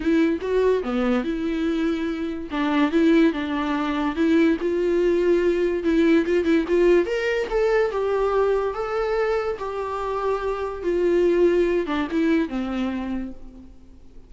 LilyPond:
\new Staff \with { instrumentName = "viola" } { \time 4/4 \tempo 4 = 144 e'4 fis'4 b4 e'4~ | e'2 d'4 e'4 | d'2 e'4 f'4~ | f'2 e'4 f'8 e'8 |
f'4 ais'4 a'4 g'4~ | g'4 a'2 g'4~ | g'2 f'2~ | f'8 d'8 e'4 c'2 | }